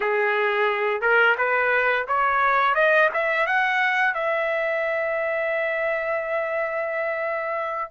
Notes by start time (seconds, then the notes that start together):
0.00 G#4
1.01 A#4
1.37 B4
2.07 C#5
2.74 D#5
3.13 E5
3.46 F#5
4.13 E5